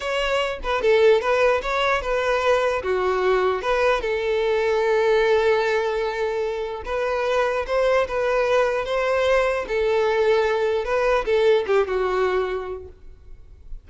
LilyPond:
\new Staff \with { instrumentName = "violin" } { \time 4/4 \tempo 4 = 149 cis''4. b'8 a'4 b'4 | cis''4 b'2 fis'4~ | fis'4 b'4 a'2~ | a'1~ |
a'4 b'2 c''4 | b'2 c''2 | a'2. b'4 | a'4 g'8 fis'2~ fis'8 | }